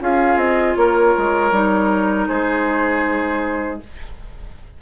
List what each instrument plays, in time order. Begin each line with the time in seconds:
0.00 bassoon C#4, clarinet F4, oboe G#4, flute F5
0.36 bassoon C4, flute D#5
0.75 bassoon A#3, oboe A#4, flute C#5
1.17 bassoon G#3
1.51 bassoon G3, clarinet D#4
2.27 bassoon G#3, oboe G#4, flute C5